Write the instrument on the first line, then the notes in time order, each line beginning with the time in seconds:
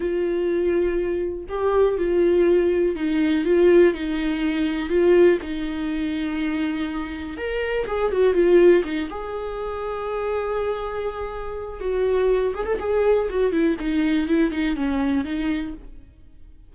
viola
0.00 F4
1.48 G4
1.97 F4
2.95 D#4
3.44 F4
3.93 D#4
4.89 F4
5.42 D#4
7.37 A#4
7.87 G#4
8.11 F#4
8.34 F4
8.84 D#4
9.10 G#4
11.80 F#4
12.54 G#4
12.65 A4
12.79 G#4
13.29 F#4
13.52 E4
13.79 D#4
14.27 E4
14.51 D#4
14.75 C#4
15.24 D#4